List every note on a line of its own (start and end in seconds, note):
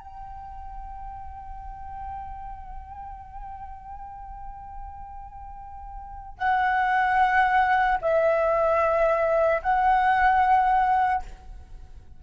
0.00 6.38 G5
6.38 7.98 F#5
8.02 9.62 E5
9.63 11.23 F#5